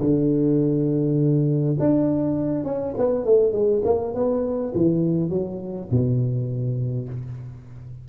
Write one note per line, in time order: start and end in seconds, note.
0.00 1.76 D3
1.79 2.64 D4
2.64 2.94 C#4
2.97 3.25 B3
3.25 3.52 A3
3.52 3.82 G#3
3.84 4.14 A#3
4.14 4.72 B3
4.74 5.29 E3
5.29 5.88 F#3
5.91 7.08 B2